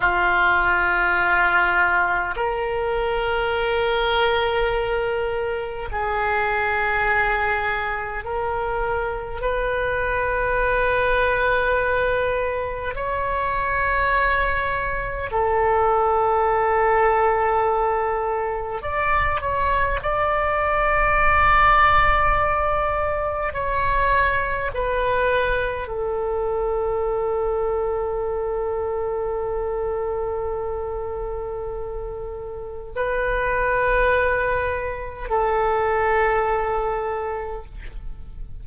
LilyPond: \new Staff \with { instrumentName = "oboe" } { \time 4/4 \tempo 4 = 51 f'2 ais'2~ | ais'4 gis'2 ais'4 | b'2. cis''4~ | cis''4 a'2. |
d''8 cis''8 d''2. | cis''4 b'4 a'2~ | a'1 | b'2 a'2 | }